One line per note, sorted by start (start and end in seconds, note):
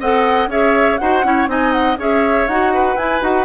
0.00 0.48 C4
0.00 0.50 A4
0.00 0.50 D#5
0.00 0.51 F#5
0.48 0.97 C#4
0.48 0.99 G#4
0.48 1.00 C#5
0.48 0.98 E5
0.98 1.24 D#4
0.98 1.24 F#4
0.98 1.26 C5
0.98 1.48 F#5
1.24 1.48 C#4
1.24 1.48 E4
1.24 1.50 C#5
1.48 1.97 C4
1.48 1.97 D#4
1.48 1.99 D#5
1.48 1.72 G#5
1.72 1.97 F#5
1.98 2.48 C#4
1.98 2.49 G#4
1.98 2.74 C#5
1.98 2.48 E5
2.48 2.96 D#4
2.48 2.98 F#4
2.48 2.97 F#5
2.74 3.45 B4
2.96 3.21 E4
2.96 3.23 G#5
3.21 3.45 D#4
3.21 3.45 F#4
3.21 3.45 F#5